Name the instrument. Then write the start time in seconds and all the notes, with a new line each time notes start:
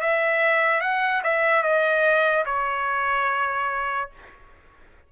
trumpet
0.00 E5
0.80 F#5
1.23 E5
1.63 D#5
2.45 C#5